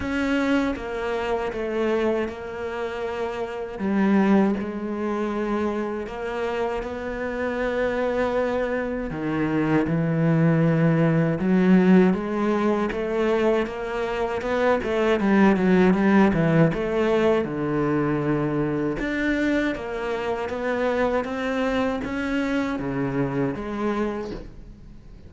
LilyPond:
\new Staff \with { instrumentName = "cello" } { \time 4/4 \tempo 4 = 79 cis'4 ais4 a4 ais4~ | ais4 g4 gis2 | ais4 b2. | dis4 e2 fis4 |
gis4 a4 ais4 b8 a8 | g8 fis8 g8 e8 a4 d4~ | d4 d'4 ais4 b4 | c'4 cis'4 cis4 gis4 | }